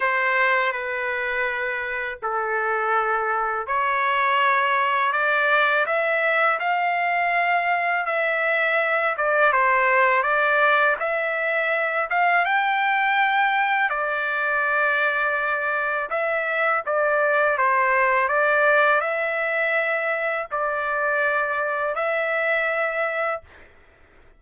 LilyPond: \new Staff \with { instrumentName = "trumpet" } { \time 4/4 \tempo 4 = 82 c''4 b'2 a'4~ | a'4 cis''2 d''4 | e''4 f''2 e''4~ | e''8 d''8 c''4 d''4 e''4~ |
e''8 f''8 g''2 d''4~ | d''2 e''4 d''4 | c''4 d''4 e''2 | d''2 e''2 | }